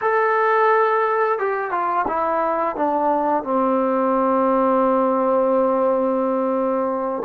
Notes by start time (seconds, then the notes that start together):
0.01 A4
1.38 G4
1.71 F4
2.07 E4
2.76 D4
3.43 C4